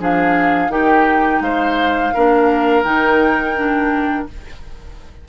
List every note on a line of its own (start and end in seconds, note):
0.00 0.69 F3
0.00 0.70 D4
0.00 0.72 G#4
0.00 0.72 F5
0.69 1.40 D#3
0.69 2.13 D#4
0.69 1.43 G4
0.69 1.43 G5
1.41 2.12 G#3
1.41 2.14 C5
1.41 2.85 F5
2.14 2.85 A#3
2.14 2.85 D4
2.14 4.29 A#4
2.85 4.28 D#3
2.85 3.56 D#4
2.85 4.27 G5
3.57 4.28 D4